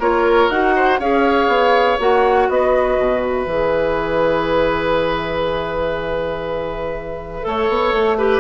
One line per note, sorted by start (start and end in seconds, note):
0.00 0.50 A#3
0.00 0.51 F4
0.00 0.75 A#4
0.00 0.50 C#5
0.50 1.00 D#4
0.50 1.00 F#4
0.50 1.00 F#5
0.76 1.00 C5
1.00 1.48 C#4
1.00 2.00 G#4
1.00 2.49 C#5
1.00 1.99 F5
1.48 1.98 B3
2.00 2.49 A#3
2.00 3.47 F#4
2.00 2.50 F#5
2.49 2.99 B3
2.49 7.48 B4
2.49 3.24 D#5
2.99 3.47 B2
3.24 8.40 E5
3.47 7.43 E3
3.47 7.43 G#4
7.43 7.69 A3
7.43 8.17 A4
7.43 8.18 C#5
7.69 7.93 B3
7.93 8.40 A3
8.18 8.40 G4
8.18 8.40 B4